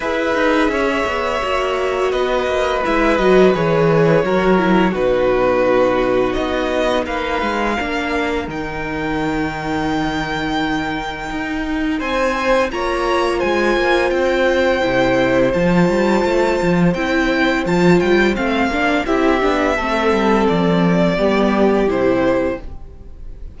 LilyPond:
<<
  \new Staff \with { instrumentName = "violin" } { \time 4/4 \tempo 4 = 85 e''2. dis''4 | e''8 dis''8 cis''2 b'4~ | b'4 dis''4 f''2 | g''1~ |
g''4 gis''4 ais''4 gis''4 | g''2 a''2 | g''4 a''8 g''8 f''4 e''4~ | e''4 d''2 c''4 | }
  \new Staff \with { instrumentName = "violin" } { \time 4/4 b'4 cis''2 b'4~ | b'2 ais'4 fis'4~ | fis'2 b'4 ais'4~ | ais'1~ |
ais'4 c''4 cis''4 c''4~ | c''1~ | c''2. g'4 | a'2 g'2 | }
  \new Staff \with { instrumentName = "viola" } { \time 4/4 gis'2 fis'2 | e'8 fis'8 gis'4 fis'8 e'8 dis'4~ | dis'2. d'4 | dis'1~ |
dis'2 f'2~ | f'4 e'4 f'2 | e'4 f'4 c'8 d'8 e'8 d'8 | c'2 b4 e'4 | }
  \new Staff \with { instrumentName = "cello" } { \time 4/4 e'8 dis'8 cis'8 b8 ais4 b8 ais8 | gis8 fis8 e4 fis4 b,4~ | b,4 b4 ais8 gis8 ais4 | dis1 |
dis'4 c'4 ais4 gis8 ais8 | c'4 c4 f8 g8 a8 f8 | c'4 f8 g8 a8 ais8 c'8 b8 | a8 g8 f4 g4 c4 | }
>>